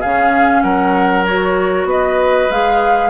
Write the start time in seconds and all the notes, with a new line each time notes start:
0.00 C#3 C#4 G#4 F5
0.62 F#3 A#4 F#5
1.25 F#4 C#5
1.85 B3 B4 D#5
2.50 G#3 G#4 F5